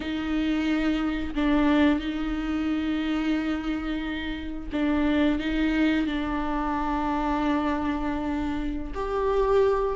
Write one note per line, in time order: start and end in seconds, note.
0.00 1.34 D#4
1.34 1.99 D4
1.99 4.69 D#4
4.72 5.39 D4
5.39 6.06 D#4
6.06 8.92 D4
8.94 9.95 G4